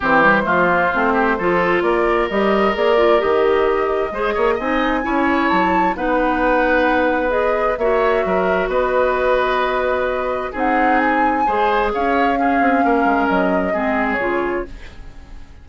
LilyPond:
<<
  \new Staff \with { instrumentName = "flute" } { \time 4/4 \tempo 4 = 131 c''1 | d''4 dis''4 d''4 dis''4~ | dis''2 gis''2 | a''4 fis''2. |
dis''4 e''2 dis''4~ | dis''2. fis''4 | gis''2 f''2~ | f''4 dis''4.~ dis''16 cis''4~ cis''16 | }
  \new Staff \with { instrumentName = "oboe" } { \time 4/4 g'4 f'4. g'8 a'4 | ais'1~ | ais'4 c''8 cis''8 dis''4 cis''4~ | cis''4 b'2.~ |
b'4 cis''4 ais'4 b'4~ | b'2. gis'4~ | gis'4 c''4 cis''4 gis'4 | ais'2 gis'2 | }
  \new Staff \with { instrumentName = "clarinet" } { \time 4/4 c'8 g8 a8 ais8 c'4 f'4~ | f'4 g'4 gis'8 f'8 g'4~ | g'4 gis'4 dis'4 e'4~ | e'4 dis'2. |
gis'4 fis'2.~ | fis'2. dis'4~ | dis'4 gis'2 cis'4~ | cis'2 c'4 f'4 | }
  \new Staff \with { instrumentName = "bassoon" } { \time 4/4 e4 f4 a4 f4 | ais4 g4 ais4 dis4~ | dis4 gis8 ais8 c'4 cis'4 | fis4 b2.~ |
b4 ais4 fis4 b4~ | b2. c'4~ | c'4 gis4 cis'4. c'8 | ais8 gis8 fis4 gis4 cis4 | }
>>